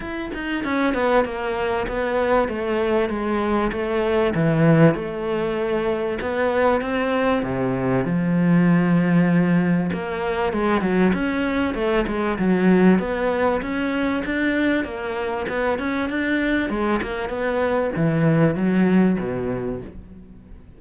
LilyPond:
\new Staff \with { instrumentName = "cello" } { \time 4/4 \tempo 4 = 97 e'8 dis'8 cis'8 b8 ais4 b4 | a4 gis4 a4 e4 | a2 b4 c'4 | c4 f2. |
ais4 gis8 fis8 cis'4 a8 gis8 | fis4 b4 cis'4 d'4 | ais4 b8 cis'8 d'4 gis8 ais8 | b4 e4 fis4 b,4 | }